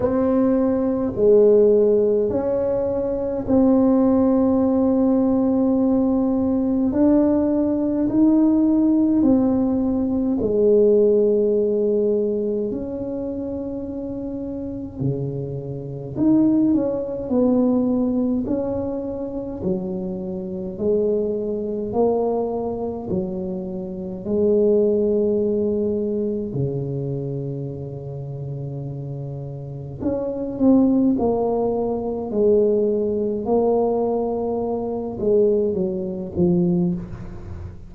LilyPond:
\new Staff \with { instrumentName = "tuba" } { \time 4/4 \tempo 4 = 52 c'4 gis4 cis'4 c'4~ | c'2 d'4 dis'4 | c'4 gis2 cis'4~ | cis'4 cis4 dis'8 cis'8 b4 |
cis'4 fis4 gis4 ais4 | fis4 gis2 cis4~ | cis2 cis'8 c'8 ais4 | gis4 ais4. gis8 fis8 f8 | }